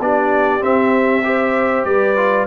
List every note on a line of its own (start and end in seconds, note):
0.00 0.62 B3
0.00 0.60 D4
0.00 1.26 G4
0.00 0.63 D5
0.60 1.22 C4
0.60 1.85 C4
0.60 1.84 E5
1.24 2.16 G4
1.24 1.87 C5
1.84 2.47 G3
1.84 2.47 B4
1.84 2.46 D5
2.16 2.47 F4